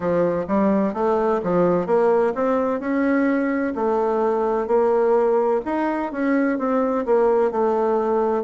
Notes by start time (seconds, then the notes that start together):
0.00 F3
0.47 G3
0.93 A3
1.43 F3
1.86 A#3
2.34 C4
2.80 C#4
3.75 A3
4.67 A#3
5.65 D#4
6.12 C#4
6.58 C4
7.05 A#3
7.51 A3